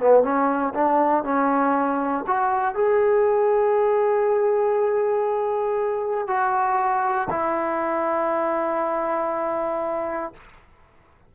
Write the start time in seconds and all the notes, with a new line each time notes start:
0.00 B3
0.23 C#4
0.75 D4
1.24 C#4
2.27 F#4
2.75 G#4
6.28 F#4
7.31 E4